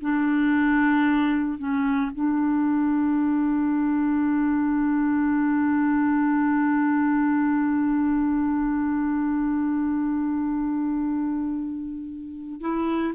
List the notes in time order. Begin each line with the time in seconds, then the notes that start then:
0.00 D4
1.58 C#4
2.14 D4
12.60 E4